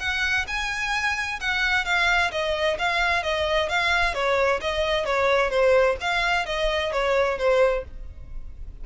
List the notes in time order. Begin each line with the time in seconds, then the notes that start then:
0.00 F#5
0.48 G#5
1.41 F#5
1.85 F5
2.32 D#5
2.79 F5
3.23 D#5
3.69 F5
4.15 C#5
4.61 D#5
5.06 C#5
5.50 C5
6.01 F5
6.46 D#5
6.92 C#5
7.38 C5